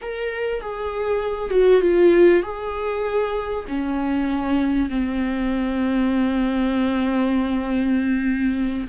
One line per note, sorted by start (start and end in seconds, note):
0.01 0.61 A#4
0.61 1.50 G#4
1.50 1.81 F#4
1.81 2.42 F4
2.42 3.65 G#4
3.67 4.89 C#4
4.89 8.87 C4